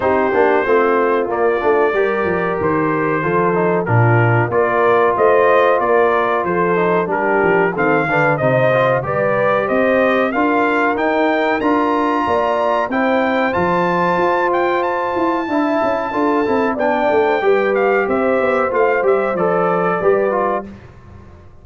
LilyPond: <<
  \new Staff \with { instrumentName = "trumpet" } { \time 4/4 \tempo 4 = 93 c''2 d''2 | c''2 ais'4 d''4 | dis''4 d''4 c''4 ais'4 | f''4 dis''4 d''4 dis''4 |
f''4 g''4 ais''2 | g''4 a''4. g''8 a''4~ | a''2 g''4. f''8 | e''4 f''8 e''8 d''2 | }
  \new Staff \with { instrumentName = "horn" } { \time 4/4 g'4 f'2 ais'4~ | ais'4 a'4 f'4 ais'4 | c''4 ais'4 a'4 g'4 | a'8 b'8 c''4 b'4 c''4 |
ais'2. d''4 | c''1 | e''4 a'4 d''8. c''16 b'4 | c''2. b'4 | }
  \new Staff \with { instrumentName = "trombone" } { \time 4/4 dis'8 d'8 c'4 ais8 d'8 g'4~ | g'4 f'8 dis'8 d'4 f'4~ | f'2~ f'8 dis'8 d'4 | c'8 d'8 dis'8 f'8 g'2 |
f'4 dis'4 f'2 | e'4 f'2. | e'4 f'8 e'8 d'4 g'4~ | g'4 f'8 g'8 a'4 g'8 f'8 | }
  \new Staff \with { instrumentName = "tuba" } { \time 4/4 c'8 ais8 a4 ais8 a8 g8 f8 | dis4 f4 ais,4 ais4 | a4 ais4 f4 g8 f8 | dis8 d8 c4 g4 c'4 |
d'4 dis'4 d'4 ais4 | c'4 f4 f'4. e'8 | d'8 cis'8 d'8 c'8 b8 a8 g4 | c'8 b8 a8 g8 f4 g4 | }
>>